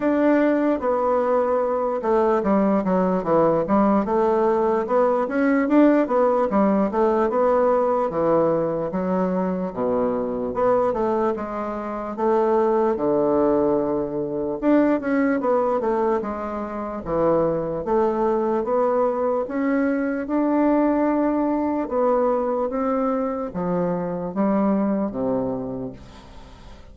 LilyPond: \new Staff \with { instrumentName = "bassoon" } { \time 4/4 \tempo 4 = 74 d'4 b4. a8 g8 fis8 | e8 g8 a4 b8 cis'8 d'8 b8 | g8 a8 b4 e4 fis4 | b,4 b8 a8 gis4 a4 |
d2 d'8 cis'8 b8 a8 | gis4 e4 a4 b4 | cis'4 d'2 b4 | c'4 f4 g4 c4 | }